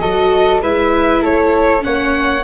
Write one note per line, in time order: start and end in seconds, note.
0.00 0.62 F#3
0.00 0.61 F#4
0.00 0.62 A4
0.00 0.61 D#5
0.62 1.23 G#3
0.62 1.80 E4
0.62 1.22 B4
0.62 1.24 E5
1.22 1.85 A3
1.22 1.83 A4
1.22 1.84 C#5
1.80 2.44 A#3
1.80 2.41 C#4
1.80 2.44 C#5
1.80 2.44 F#5